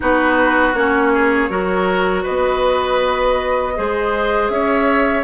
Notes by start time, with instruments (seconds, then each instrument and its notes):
0.00 bassoon B3, clarinet D#4, oboe F#4, flute B4
0.74 bassoon A#3, clarinet C#4, flute C#5
1.13 oboe G#4
1.49 bassoon F#3, clarinet F#4, oboe A#4
2.23 bassoon B3, oboe B4, flute D#5
3.75 bassoon G#3, clarinet G#4, oboe C5
4.48 bassoon C#4, oboe C#5, flute E5